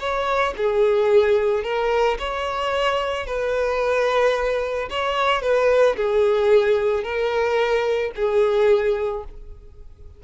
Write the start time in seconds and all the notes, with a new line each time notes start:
0.00 C#5
0.57 G#4
1.64 A#4
2.19 C#5
3.27 B4
4.90 C#5
5.42 B4
5.97 G#4
7.04 A#4
8.16 G#4